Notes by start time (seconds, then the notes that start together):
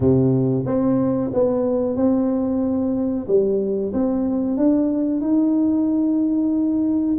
0.00 C3
0.66 C4
1.33 B3
1.96 C4
3.27 G3
3.93 C4
4.57 D4
5.21 D#4